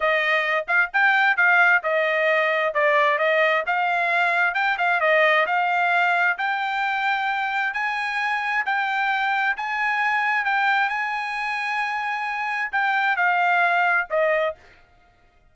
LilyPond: \new Staff \with { instrumentName = "trumpet" } { \time 4/4 \tempo 4 = 132 dis''4. f''8 g''4 f''4 | dis''2 d''4 dis''4 | f''2 g''8 f''8 dis''4 | f''2 g''2~ |
g''4 gis''2 g''4~ | g''4 gis''2 g''4 | gis''1 | g''4 f''2 dis''4 | }